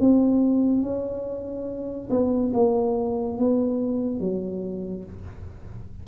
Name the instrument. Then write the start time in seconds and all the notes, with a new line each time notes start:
tuba
0.00 C4
0.83 C#4
2.10 B3
2.54 A#3
3.38 B3
4.20 F#3